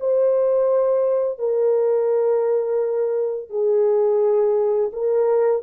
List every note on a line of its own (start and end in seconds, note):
0.00 1.39 C5
1.39 3.50 A#4
3.50 4.91 G#4
4.93 5.62 A#4